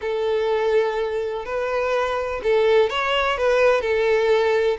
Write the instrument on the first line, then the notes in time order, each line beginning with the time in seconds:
violin
0.01 A4
1.45 B4
2.43 A4
2.89 C#5
3.37 B4
3.81 A4